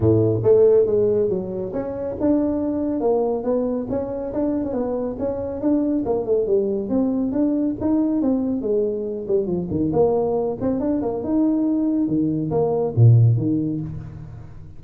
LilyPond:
\new Staff \with { instrumentName = "tuba" } { \time 4/4 \tempo 4 = 139 a,4 a4 gis4 fis4 | cis'4 d'2 ais4 | b4 cis'4 d'8. cis'16 b4 | cis'4 d'4 ais8 a8 g4 |
c'4 d'4 dis'4 c'4 | gis4. g8 f8 dis8 ais4~ | ais8 c'8 d'8 ais8 dis'2 | dis4 ais4 ais,4 dis4 | }